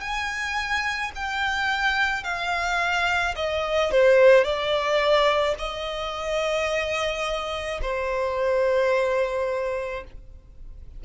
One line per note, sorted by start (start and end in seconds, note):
0.00 1.11 G#5
1.15 2.23 G5
2.23 3.34 F5
3.35 3.90 D#5
3.90 4.43 C5
4.43 5.55 D5
5.58 7.80 D#5
7.81 10.04 C5